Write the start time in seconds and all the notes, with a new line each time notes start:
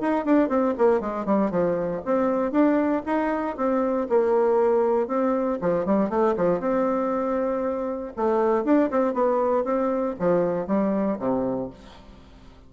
0.00 D#4
0.25 D4
0.48 C4
0.78 A#3
1.00 G#3
1.25 G3
1.50 F3
2.05 C4
2.51 D4
3.06 D#4
3.57 C4
4.09 A#3
5.08 C4
5.61 F3
5.85 G3
6.09 A3
6.37 F3
6.60 C4
8.16 A3
8.64 D4
8.91 C4
9.13 B3
9.64 C4
10.19 F3
10.67 G3
11.19 C3